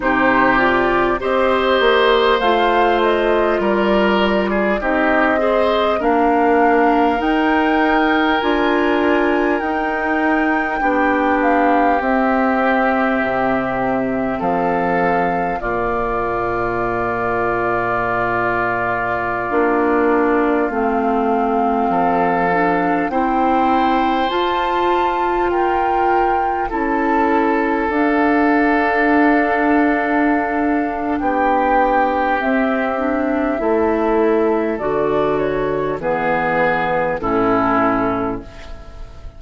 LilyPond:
<<
  \new Staff \with { instrumentName = "flute" } { \time 4/4 \tempo 4 = 50 c''8 d''8 dis''4 f''8 dis''8 d''4 | dis''4 f''4 g''4 gis''4 | g''4. f''8 e''2 | f''4 d''2.~ |
d''4~ d''16 f''2 g''8.~ | g''16 a''4 g''4 a''4 f''8.~ | f''2 g''4 e''4~ | e''4 d''8 cis''8 b'4 a'4 | }
  \new Staff \with { instrumentName = "oboe" } { \time 4/4 g'4 c''2 ais'8. gis'16 | g'8 c''8 ais'2.~ | ais'4 g'2. | a'4 f'2.~ |
f'2~ f'16 a'4 c''8.~ | c''4~ c''16 ais'4 a'4.~ a'16~ | a'2 g'2 | a'2 gis'4 e'4 | }
  \new Staff \with { instrumentName = "clarinet" } { \time 4/4 dis'8 f'8 g'4 f'2 | dis'8 gis'8 d'4 dis'4 f'4 | dis'4 d'4 c'2~ | c'4 ais2.~ |
ais16 d'4 c'4. d'8 e'8.~ | e'16 f'2 e'4 d'8.~ | d'2. c'8 d'8 | e'4 fis'4 b4 cis'4 | }
  \new Staff \with { instrumentName = "bassoon" } { \time 4/4 c4 c'8 ais8 a4 g4 | c'4 ais4 dis'4 d'4 | dis'4 b4 c'4 c4 | f4 ais,2.~ |
ais,16 ais4 a4 f4 c'8.~ | c'16 f'2 cis'4 d'8.~ | d'2 b4 c'4 | a4 d4 e4 a,4 | }
>>